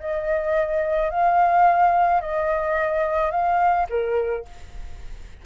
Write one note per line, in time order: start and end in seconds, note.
0.00 1.10 D#5
1.10 2.21 F5
2.21 3.31 D#5
3.31 3.87 F5
3.90 4.45 A#4